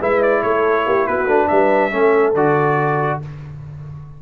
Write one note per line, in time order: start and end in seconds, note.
0.00 0.44 G#3
0.00 1.28 E4
0.00 0.43 B4
0.00 0.23 E5
0.23 0.43 D5
0.43 0.86 A3
0.43 0.87 A4
0.43 1.07 C#5
0.86 1.08 A#3
0.86 1.07 G4
1.07 1.26 B3
1.07 1.49 F#4
1.07 1.48 B4
1.26 1.47 A3
1.26 1.91 D4
1.48 1.92 G3
1.48 1.91 B4
1.48 2.33 E5
1.91 2.35 A3
1.91 2.34 C#4
1.91 3.19 A4
2.35 3.20 D3
2.35 3.22 F#4
2.35 3.21 D5